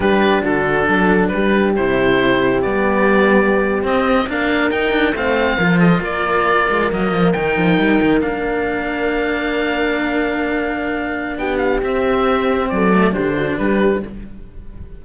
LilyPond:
<<
  \new Staff \with { instrumentName = "oboe" } { \time 4/4 \tempo 4 = 137 b'4 a'2 b'4 | c''2 d''2~ | d''8. dis''4 f''4 g''4 f''16~ | f''4~ f''16 dis''8 d''2 dis''16~ |
dis''8. g''2 f''4~ f''16~ | f''1~ | f''2 g''8 f''8 e''4~ | e''4 d''4 c''4 b'4 | }
  \new Staff \with { instrumentName = "horn" } { \time 4/4 g'4 fis'4 a'4 g'4~ | g'1~ | g'4.~ g'16 ais'2 c''16~ | c''8. ais'8 a'8 ais'2~ ais'16~ |
ais'1~ | ais'1~ | ais'2 g'2~ | g'4 a'4 g'8 fis'8 g'4 | }
  \new Staff \with { instrumentName = "cello" } { \time 4/4 d'1 | e'2 b2~ | b8. c'4 d'4 dis'8 d'8 c'16~ | c'8. f'2. ais16~ |
ais8. dis'2 d'4~ d'16~ | d'1~ | d'2. c'4~ | c'4. a8 d'2 | }
  \new Staff \with { instrumentName = "cello" } { \time 4/4 g4 d4 fis4 g4 | c2 g2~ | g8. c'4 ais4 dis'4 a16~ | a8. f4 ais4. gis8 fis16~ |
fis16 f8 dis8 f8 g8 dis8 ais4~ ais16~ | ais1~ | ais2 b4 c'4~ | c'4 fis4 d4 g4 | }
>>